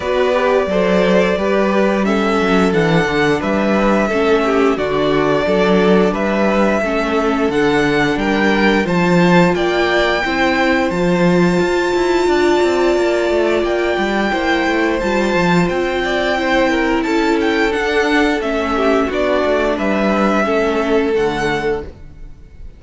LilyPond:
<<
  \new Staff \with { instrumentName = "violin" } { \time 4/4 \tempo 4 = 88 d''2. e''4 | fis''4 e''2 d''4~ | d''4 e''2 fis''4 | g''4 a''4 g''2 |
a''1 | g''2 a''4 g''4~ | g''4 a''8 g''8 fis''4 e''4 | d''4 e''2 fis''4 | }
  \new Staff \with { instrumentName = "violin" } { \time 4/4 b'4 c''4 b'4 a'4~ | a'4 b'4 a'8 g'8 fis'4 | a'4 b'4 a'2 | ais'4 c''4 d''4 c''4~ |
c''2 d''2~ | d''4 c''2~ c''8 d''8 | c''8 ais'8 a'2~ a'8 g'8 | fis'4 b'4 a'2 | }
  \new Staff \with { instrumentName = "viola" } { \time 4/4 fis'8 g'8 a'4 g'4 cis'4 | d'2 cis'4 d'4~ | d'2 cis'4 d'4~ | d'4 f'2 e'4 |
f'1~ | f'4 e'4 f'2 | e'2 d'4 cis'4 | d'2 cis'4 a4 | }
  \new Staff \with { instrumentName = "cello" } { \time 4/4 b4 fis4 g4. fis8 | e8 d8 g4 a4 d4 | fis4 g4 a4 d4 | g4 f4 ais4 c'4 |
f4 f'8 e'8 d'8 c'8 ais8 a8 | ais8 g8 ais8 a8 g8 f8 c'4~ | c'4 cis'4 d'4 a4 | b8 a8 g4 a4 d4 | }
>>